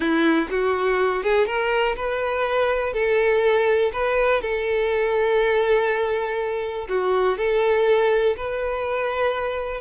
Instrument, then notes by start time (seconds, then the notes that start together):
violin
0.00 E4
0.50 F#4
1.23 G#4
1.46 A#4
1.96 B4
2.93 A4
3.92 B4
4.41 A4
6.89 F#4
7.37 A4
8.37 B4